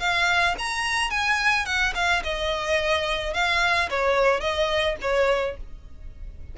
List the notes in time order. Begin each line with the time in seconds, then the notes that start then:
0.00 F5
0.59 A#5
1.11 G#5
1.66 F#5
1.95 F5
2.24 D#5
3.34 F5
3.90 C#5
4.41 D#5
5.02 C#5